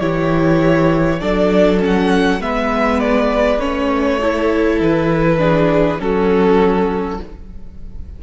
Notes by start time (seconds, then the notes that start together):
0.00 E3 E4 G4 C#5
1.20 F#3 D4 A4 D5
1.80 C#4 F#5
2.40 G#3 B3 B4 E5
3.00 D5
3.60 A3 C#4 C#5
4.21 E4 A4
4.80 E3 B4
5.38 D4 G#4
5.99 F#3 C#4 F#4 A4